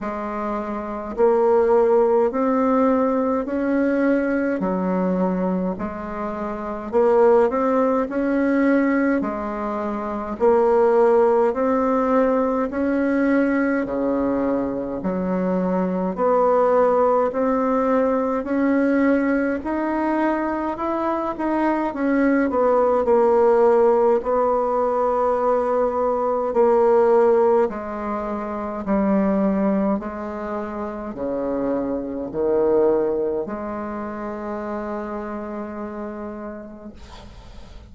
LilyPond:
\new Staff \with { instrumentName = "bassoon" } { \time 4/4 \tempo 4 = 52 gis4 ais4 c'4 cis'4 | fis4 gis4 ais8 c'8 cis'4 | gis4 ais4 c'4 cis'4 | cis4 fis4 b4 c'4 |
cis'4 dis'4 e'8 dis'8 cis'8 b8 | ais4 b2 ais4 | gis4 g4 gis4 cis4 | dis4 gis2. | }